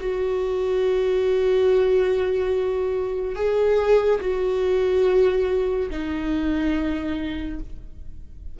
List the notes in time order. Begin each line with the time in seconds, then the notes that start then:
0.00 F#4
3.35 G#4
4.21 F#4
5.90 D#4